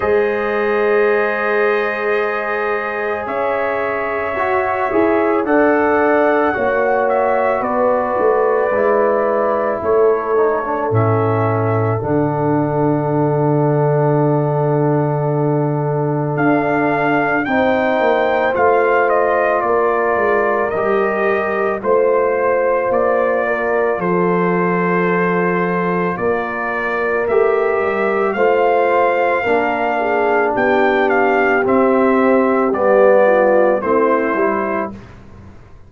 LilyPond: <<
  \new Staff \with { instrumentName = "trumpet" } { \time 4/4 \tempo 4 = 55 dis''2. e''4~ | e''4 fis''4. e''8 d''4~ | d''4 cis''4 e''4 fis''4~ | fis''2. f''4 |
g''4 f''8 dis''8 d''4 dis''4 | c''4 d''4 c''2 | d''4 e''4 f''2 | g''8 f''8 e''4 d''4 c''4 | }
  \new Staff \with { instrumentName = "horn" } { \time 4/4 c''2. cis''4~ | cis''4 d''4 cis''4 b'4~ | b'4 a'2.~ | a'1 |
c''2 ais'2 | c''4. ais'8 a'2 | ais'2 c''4 ais'8 gis'8 | g'2~ g'8 f'8 e'4 | }
  \new Staff \with { instrumentName = "trombone" } { \time 4/4 gis'1 | fis'8 gis'8 a'4 fis'2 | e'4. dis'16 d'16 cis'4 d'4~ | d'1 |
dis'4 f'2 g'4 | f'1~ | f'4 g'4 f'4 d'4~ | d'4 c'4 b4 c'8 e'8 | }
  \new Staff \with { instrumentName = "tuba" } { \time 4/4 gis2. cis'4 | fis'8 e'8 d'4 ais4 b8 a8 | gis4 a4 a,4 d4~ | d2. d'4 |
c'8 ais8 a4 ais8 gis8 g4 | a4 ais4 f2 | ais4 a8 g8 a4 ais4 | b4 c'4 g4 a8 g8 | }
>>